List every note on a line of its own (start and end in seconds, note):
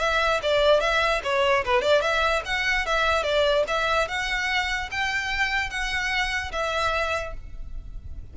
0.00 0.41 E5
0.43 0.81 D5
0.81 1.22 E5
1.24 1.65 C#5
1.65 1.82 B4
1.82 2.02 D5
2.02 2.43 E5
2.46 2.86 F#5
2.87 3.24 E5
3.24 3.64 D5
3.68 4.09 E5
4.09 4.90 F#5
4.92 5.71 G5
5.71 6.52 F#5
6.53 7.34 E5